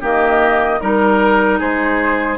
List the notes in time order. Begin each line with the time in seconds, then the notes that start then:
0.00 D#3 A#3 G4 D#5
0.80 G3 D#4 A#4
1.59 G#3 G#4 C5